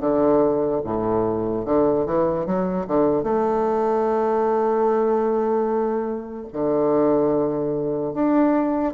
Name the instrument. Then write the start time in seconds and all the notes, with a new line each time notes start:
bassoon
0.00 D3
0.84 A2
1.65 D3
2.06 E3
2.45 F#3
2.87 D3
3.23 A3
6.52 D3
8.13 D4